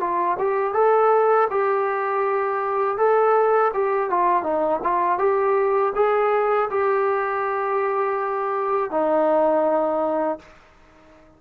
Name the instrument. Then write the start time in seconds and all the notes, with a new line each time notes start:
trombone
0.00 F4
0.39 G4
0.74 A4
1.50 G4
2.98 A4
3.74 G4
4.10 F4
4.43 D#4
4.83 F4
5.19 G4
5.95 G#4
6.70 G4
8.91 D#4